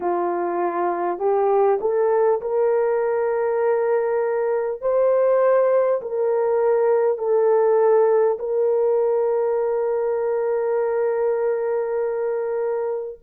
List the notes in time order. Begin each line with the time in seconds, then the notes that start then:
0.00 F4
1.18 G4
1.80 A4
2.41 A#4
4.81 C5
6.01 A#4
7.18 A4
8.38 A#4